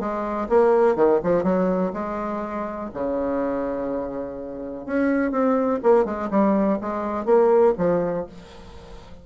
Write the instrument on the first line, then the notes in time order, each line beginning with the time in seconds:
bassoon
0.00 G#3
0.49 A#3
0.96 D#3
1.23 F3
1.43 F#3
1.93 G#3
2.94 C#3
4.86 C#4
5.31 C4
5.83 A#3
6.05 G#3
6.31 G3
6.81 G#3
7.25 A#3
7.78 F3